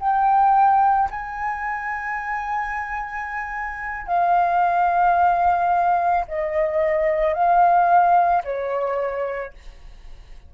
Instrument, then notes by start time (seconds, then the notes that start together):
flute
0.00 G5
1.11 G#5
4.07 F5
6.28 D#5
7.34 F5
8.44 C#5